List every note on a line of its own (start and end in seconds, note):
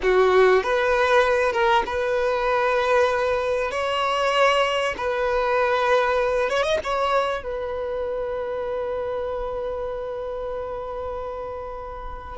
0.02 0.63 F#4
0.63 1.52 B4
1.52 1.83 A#4
1.86 3.71 B4
3.71 4.95 C#5
4.97 6.49 B4
6.49 6.62 C#5
6.62 6.78 D#5
6.83 7.43 C#5
7.43 12.37 B4